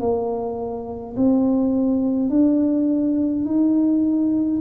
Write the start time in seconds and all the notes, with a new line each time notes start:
0.00 A#3
1.16 C4
2.30 D4
3.46 D#4